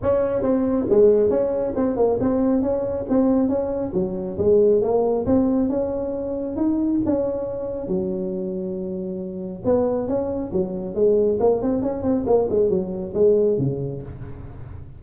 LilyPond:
\new Staff \with { instrumentName = "tuba" } { \time 4/4 \tempo 4 = 137 cis'4 c'4 gis4 cis'4 | c'8 ais8 c'4 cis'4 c'4 | cis'4 fis4 gis4 ais4 | c'4 cis'2 dis'4 |
cis'2 fis2~ | fis2 b4 cis'4 | fis4 gis4 ais8 c'8 cis'8 c'8 | ais8 gis8 fis4 gis4 cis4 | }